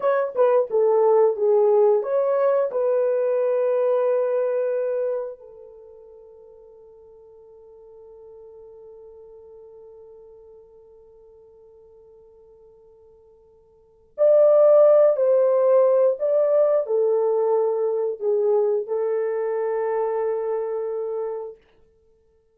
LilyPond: \new Staff \with { instrumentName = "horn" } { \time 4/4 \tempo 4 = 89 cis''8 b'8 a'4 gis'4 cis''4 | b'1 | a'1~ | a'1~ |
a'1~ | a'4 d''4. c''4. | d''4 a'2 gis'4 | a'1 | }